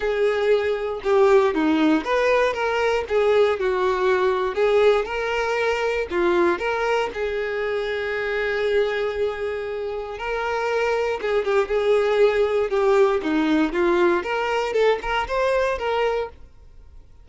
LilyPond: \new Staff \with { instrumentName = "violin" } { \time 4/4 \tempo 4 = 118 gis'2 g'4 dis'4 | b'4 ais'4 gis'4 fis'4~ | fis'4 gis'4 ais'2 | f'4 ais'4 gis'2~ |
gis'1 | ais'2 gis'8 g'8 gis'4~ | gis'4 g'4 dis'4 f'4 | ais'4 a'8 ais'8 c''4 ais'4 | }